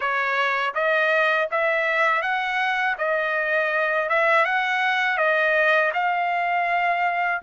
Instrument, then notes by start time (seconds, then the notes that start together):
trumpet
0.00 C#5
0.74 D#5
1.51 E5
2.22 F#5
2.98 D#5
4.09 E5
4.45 F#5
5.17 D#5
5.93 F5